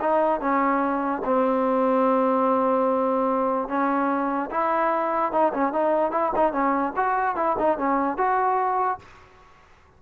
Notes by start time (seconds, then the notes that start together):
0.00 D#4
0.40 C#4
1.24 C4
3.68 C#4
4.50 E4
5.32 D#4
5.53 C#4
5.72 D#4
6.11 E4
6.36 D#4
6.52 C#4
6.96 F#4
7.36 E4
7.58 D#4
7.78 C#4
8.17 F#4